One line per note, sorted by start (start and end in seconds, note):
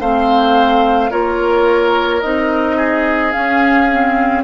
0.00 1.11 A3
0.00 1.10 C4
0.00 1.11 C5
0.00 1.12 F5
1.10 2.23 A#3
1.10 2.22 F4
1.10 2.77 A#4
1.10 2.21 C#5
2.21 3.35 C4
2.21 3.32 D#4
2.21 3.32 D#5
2.77 4.44 G#4
3.32 3.88 C#4
3.32 4.44 C#4
3.32 4.43 F5
3.91 4.44 C4